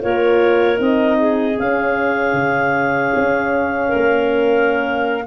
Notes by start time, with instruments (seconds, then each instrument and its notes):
0.00 tuba A#3, horn F4, clarinet A#4 C#5
0.75 tuba C4, horn D#4, clarinet D#5
1.18 clarinet G#4
1.57 horn C#4, tuba C#4, clarinet F5
2.33 tuba C#3
3.15 tuba C#4
3.88 clarinet A#4
3.94 tuba A#3